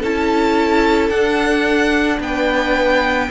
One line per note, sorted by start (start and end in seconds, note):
0.00 1.10 C#4
0.00 1.13 E4
0.00 2.18 A4
0.00 1.10 A5
1.10 2.19 D4
1.10 3.31 D4
1.10 2.19 F#5
2.20 3.29 B3
2.20 3.30 B4
2.20 3.31 G5